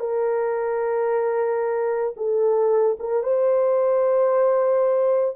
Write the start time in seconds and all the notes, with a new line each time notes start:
0.00 A#4
2.17 A4
3.00 A#4
3.23 C5